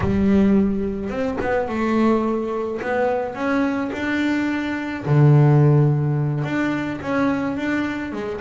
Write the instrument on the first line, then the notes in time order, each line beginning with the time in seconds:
double bass
0.00 G3
1.09 C4
1.40 B3
1.68 A3
2.81 B3
3.34 C#4
3.92 D4
5.05 D3
6.44 D4
7.01 C#4
7.56 D4
8.12 G#3